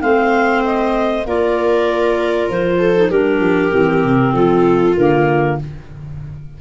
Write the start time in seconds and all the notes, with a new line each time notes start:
0.00 A3 C4 C5 F5
0.65 D#5
1.26 A#3 F4 A#4 D5
2.50 F3 C5
2.79 A4
2.96 D#4
3.10 G3 D4 G4 A#4
3.41 F3
3.71 E3 C4
4.04 C3
4.33 F3 F4 A4
4.96 D3 A#3 A#4